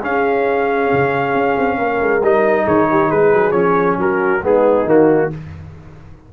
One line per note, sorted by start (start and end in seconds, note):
0.00 2.22 C#4
0.00 0.91 C#4
0.00 1.76 G#4
0.00 2.25 F5
0.93 1.35 C#3
1.35 1.57 C#4
1.58 1.79 C4
1.78 2.01 A#3
1.78 2.65 A#4
2.01 2.22 G#3
2.22 2.66 G3
2.22 3.52 D#4
2.22 2.68 D#5
2.65 3.11 D#3
2.65 2.87 G#4
2.65 3.11 C#5
2.91 3.09 G4
3.09 3.33 G#3
3.09 3.98 G#4
3.09 3.52 B4
3.33 3.52 F#3
3.52 3.97 F3
3.52 4.40 C#4
3.52 3.96 C#5
3.98 4.42 F#3
3.98 4.44 F#4
3.98 4.45 A#4
4.43 4.85 G#3
4.43 4.86 B3
4.43 5.32 D#4
4.43 4.89 G#4
4.85 5.30 D#3
4.85 5.31 A#3
4.85 5.33 F#4